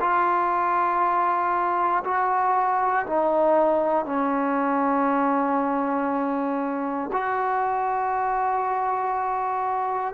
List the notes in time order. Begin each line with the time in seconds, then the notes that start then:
0.00 F4
2.04 F#4
3.06 D#4
4.05 C#4
7.12 F#4